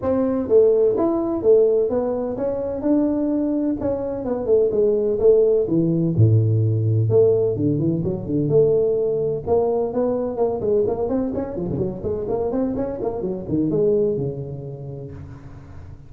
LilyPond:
\new Staff \with { instrumentName = "tuba" } { \time 4/4 \tempo 4 = 127 c'4 a4 e'4 a4 | b4 cis'4 d'2 | cis'4 b8 a8 gis4 a4 | e4 a,2 a4 |
d8 e8 fis8 d8 a2 | ais4 b4 ais8 gis8 ais8 c'8 | cis'8 f16 cis16 fis8 gis8 ais8 c'8 cis'8 ais8 | fis8 dis8 gis4 cis2 | }